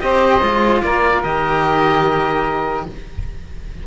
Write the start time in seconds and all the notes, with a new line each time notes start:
0.00 C4 G4 C5 D#5
0.42 G#3 F4
0.82 A#3 A#4 D5
1.23 D#3 G4 D#5